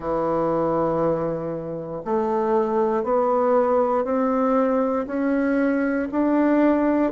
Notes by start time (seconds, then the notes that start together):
0.00 E3
2.04 A3
3.03 B3
4.04 C4
5.06 C#4
6.11 D4